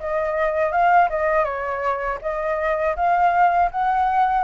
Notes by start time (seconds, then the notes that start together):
0.00 D#5
0.72 F5
1.10 D#5
1.45 C#5
2.22 D#5
2.97 F5
3.72 F#5